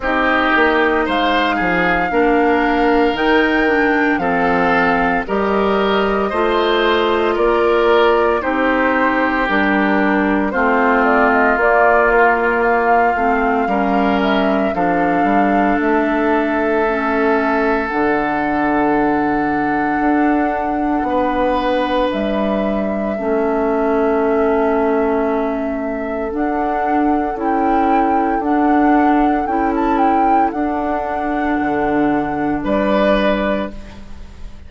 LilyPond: <<
  \new Staff \with { instrumentName = "flute" } { \time 4/4 \tempo 4 = 57 dis''4 f''2 g''4 | f''4 dis''2 d''4 | c''4 ais'4 c''8 d''16 dis''16 d''8 ais'8 | f''4. e''8 f''4 e''4~ |
e''4 fis''2.~ | fis''4 e''2.~ | e''4 fis''4 g''4 fis''4 | g''16 a''16 g''8 fis''2 d''4 | }
  \new Staff \with { instrumentName = "oboe" } { \time 4/4 g'4 c''8 gis'8 ais'2 | a'4 ais'4 c''4 ais'4 | g'2 f'2~ | f'4 ais'4 a'2~ |
a'1 | b'2 a'2~ | a'1~ | a'2. b'4 | }
  \new Staff \with { instrumentName = "clarinet" } { \time 4/4 dis'2 d'4 dis'8 d'8 | c'4 g'4 f'2 | dis'4 d'4 c'4 ais4~ | ais8 c'8 cis'4 d'2 |
cis'4 d'2.~ | d'2 cis'2~ | cis'4 d'4 e'4 d'4 | e'4 d'2. | }
  \new Staff \with { instrumentName = "bassoon" } { \time 4/4 c'8 ais8 gis8 f8 ais4 dis4 | f4 g4 a4 ais4 | c'4 g4 a4 ais4~ | ais8 a8 g4 f8 g8 a4~ |
a4 d2 d'4 | b4 g4 a2~ | a4 d'4 cis'4 d'4 | cis'4 d'4 d4 g4 | }
>>